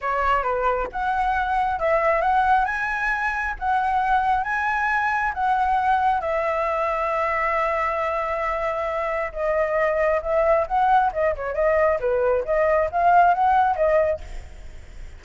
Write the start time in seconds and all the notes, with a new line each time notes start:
0.01 C#5
0.43 B4
0.92 F#5
1.79 E5
2.21 F#5
2.65 G#5
3.59 F#5
4.43 G#5
5.34 F#5
6.20 E5
9.32 D#5
10.22 E5
10.67 F#5
11.13 D#5
11.35 C#5
11.54 D#5
12.00 B4
12.45 D#5
12.91 F5
13.34 F#5
13.76 D#5